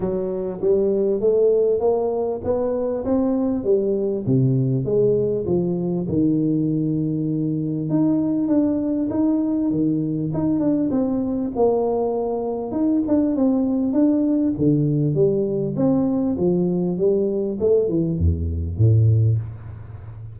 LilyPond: \new Staff \with { instrumentName = "tuba" } { \time 4/4 \tempo 4 = 99 fis4 g4 a4 ais4 | b4 c'4 g4 c4 | gis4 f4 dis2~ | dis4 dis'4 d'4 dis'4 |
dis4 dis'8 d'8 c'4 ais4~ | ais4 dis'8 d'8 c'4 d'4 | d4 g4 c'4 f4 | g4 a8 e8 e,4 a,4 | }